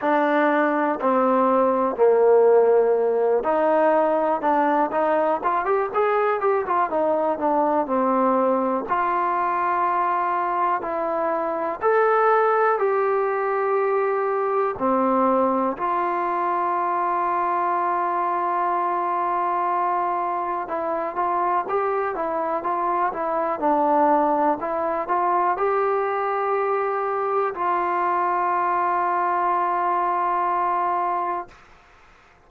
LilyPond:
\new Staff \with { instrumentName = "trombone" } { \time 4/4 \tempo 4 = 61 d'4 c'4 ais4. dis'8~ | dis'8 d'8 dis'8 f'16 g'16 gis'8 g'16 f'16 dis'8 d'8 | c'4 f'2 e'4 | a'4 g'2 c'4 |
f'1~ | f'4 e'8 f'8 g'8 e'8 f'8 e'8 | d'4 e'8 f'8 g'2 | f'1 | }